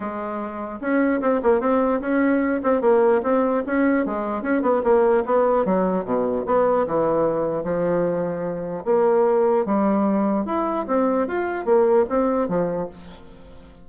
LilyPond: \new Staff \with { instrumentName = "bassoon" } { \time 4/4 \tempo 4 = 149 gis2 cis'4 c'8 ais8 | c'4 cis'4. c'8 ais4 | c'4 cis'4 gis4 cis'8 b8 | ais4 b4 fis4 b,4 |
b4 e2 f4~ | f2 ais2 | g2 e'4 c'4 | f'4 ais4 c'4 f4 | }